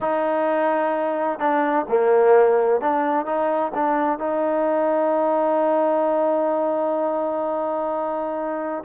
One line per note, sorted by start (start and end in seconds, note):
0.00 1.39 D#4
1.39 1.85 D4
1.88 2.80 A#3
2.80 3.25 D4
3.25 3.72 D#4
3.74 4.19 D4
4.19 8.84 D#4